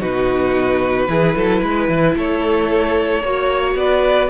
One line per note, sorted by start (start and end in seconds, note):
0.00 1.08 B2
0.00 1.07 D#4
0.00 1.07 F#4
0.00 2.16 B4
1.08 1.35 E3
1.08 3.22 E4
1.08 1.36 G#4
1.36 1.62 F#3
1.36 1.61 A4
1.61 1.88 G#3
1.61 2.15 B4
1.88 2.15 E3
2.16 3.23 A3
2.16 3.23 A4
2.16 3.77 C#5
3.23 3.75 A#3
3.23 4.29 F#4
3.23 3.76 C#5
3.75 4.28 B3
3.75 4.29 B4
3.75 4.29 D5